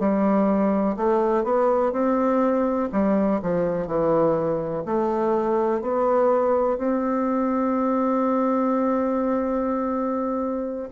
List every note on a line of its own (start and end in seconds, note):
0.00 0.97 G3
0.97 1.44 A3
1.44 1.93 B3
1.93 2.89 C4
2.93 3.41 G3
3.43 3.88 F3
3.88 4.84 E3
4.86 5.82 A3
5.82 6.78 B3
6.78 10.90 C4